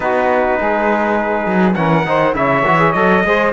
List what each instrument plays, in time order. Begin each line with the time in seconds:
0.00 cello B3, trombone D#4, saxophone F#4, trumpet B4
0.58 cello G#3, saxophone G#4
1.45 cello F#3
1.74 cello E3, trombone C#4, saxophone A#4, trumpet F#5
2.05 cello D#3, trombone D#4, saxophone C5
2.33 cello C#3, trombone E4, saxophone C#5, trumpet E5
2.65 cello E3, trombone F#4
2.78 trombone G#4
2.92 cello F#3, trombone A4, trumpet D#5
3.24 cello G#3, trombone G#4, saxophone C5